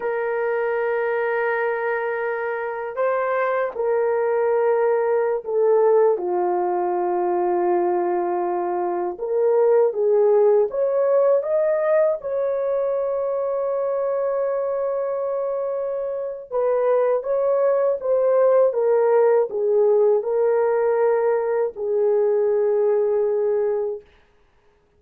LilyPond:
\new Staff \with { instrumentName = "horn" } { \time 4/4 \tempo 4 = 80 ais'1 | c''4 ais'2~ ais'16 a'8.~ | a'16 f'2.~ f'8.~ | f'16 ais'4 gis'4 cis''4 dis''8.~ |
dis''16 cis''2.~ cis''8.~ | cis''2 b'4 cis''4 | c''4 ais'4 gis'4 ais'4~ | ais'4 gis'2. | }